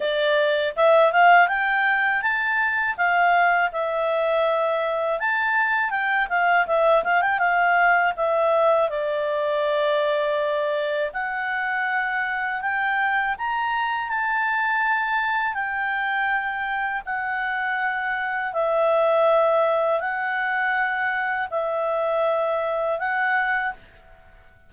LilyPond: \new Staff \with { instrumentName = "clarinet" } { \time 4/4 \tempo 4 = 81 d''4 e''8 f''8 g''4 a''4 | f''4 e''2 a''4 | g''8 f''8 e''8 f''16 g''16 f''4 e''4 | d''2. fis''4~ |
fis''4 g''4 ais''4 a''4~ | a''4 g''2 fis''4~ | fis''4 e''2 fis''4~ | fis''4 e''2 fis''4 | }